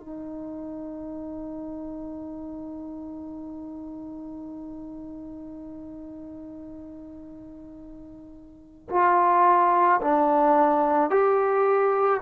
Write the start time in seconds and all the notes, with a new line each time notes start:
0.00 D#4
8.89 F4
10.01 D4
11.10 G4